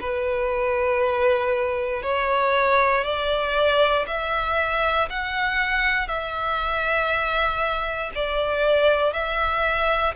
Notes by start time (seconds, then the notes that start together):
0.00 B4
2.02 C#5
3.04 D5
4.07 E5
5.09 F#5
6.07 E5
8.15 D5
9.13 E5